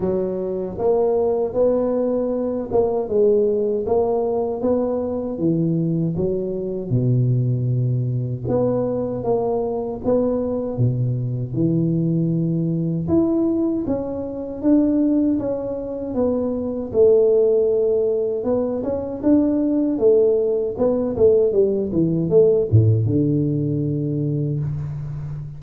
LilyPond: \new Staff \with { instrumentName = "tuba" } { \time 4/4 \tempo 4 = 78 fis4 ais4 b4. ais8 | gis4 ais4 b4 e4 | fis4 b,2 b4 | ais4 b4 b,4 e4~ |
e4 e'4 cis'4 d'4 | cis'4 b4 a2 | b8 cis'8 d'4 a4 b8 a8 | g8 e8 a8 a,8 d2 | }